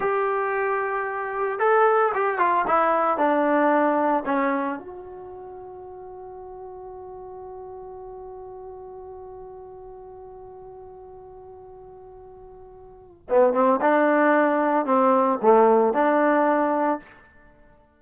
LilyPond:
\new Staff \with { instrumentName = "trombone" } { \time 4/4 \tempo 4 = 113 g'2. a'4 | g'8 f'8 e'4 d'2 | cis'4 fis'2.~ | fis'1~ |
fis'1~ | fis'1~ | fis'4 b8 c'8 d'2 | c'4 a4 d'2 | }